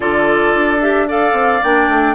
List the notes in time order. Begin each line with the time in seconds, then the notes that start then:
0.00 D3 F4 A4 D5
0.54 D4
0.80 G4 E5
1.08 A4 D5 F5
1.32 C4
1.63 A#3 D4 G5
1.88 A3